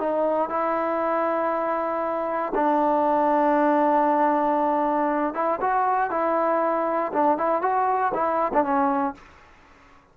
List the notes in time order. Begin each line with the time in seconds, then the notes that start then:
0.00 D#4
0.50 E4
2.55 D4
5.35 E4
5.61 F#4
6.11 E4
7.13 D4
7.38 E4
7.62 F#4
8.14 E4
8.54 D4
8.64 C#4